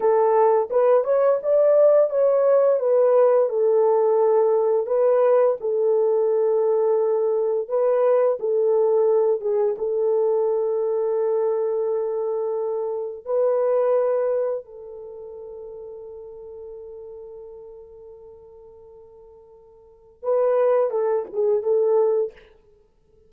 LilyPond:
\new Staff \with { instrumentName = "horn" } { \time 4/4 \tempo 4 = 86 a'4 b'8 cis''8 d''4 cis''4 | b'4 a'2 b'4 | a'2. b'4 | a'4. gis'8 a'2~ |
a'2. b'4~ | b'4 a'2.~ | a'1~ | a'4 b'4 a'8 gis'8 a'4 | }